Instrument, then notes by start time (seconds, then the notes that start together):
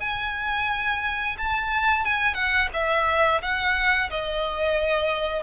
violin
0.00 G#5
1.38 A5
2.05 G#5
2.34 F#5
2.73 E5
3.42 F#5
4.10 D#5